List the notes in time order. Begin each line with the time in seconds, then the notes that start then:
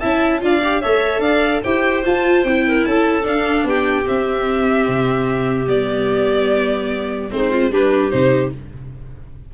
0.00 C#4 E4 E5 A5
0.41 D4 F4 D5 F5
0.63 G4
0.81 A3 A4 C#5 E5
1.19 D4 D5 F5
1.64 E4 G4 C5 G5
2.05 F4 A5
2.44 C4 E4 G5
2.68 A#4
2.85 C#4 A4 A5
3.23 D4 F5
3.64 B3 G4 G5
4.05 C4 E5
4.88 C3
5.67 G3 B3 D5
7.30 G#3 C4 D#4 C5
7.50 F4
7.71 G3 D4 G4 B4
8.11 C3 D#4 C5